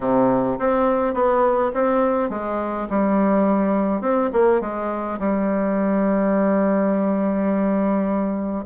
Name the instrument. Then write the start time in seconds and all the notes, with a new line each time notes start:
bassoon
0.00 C3
0.58 C4
1.14 B3
1.74 C4
2.29 G#3
2.90 G3
4.01 C4
4.32 A#3
4.60 G#3
5.19 G3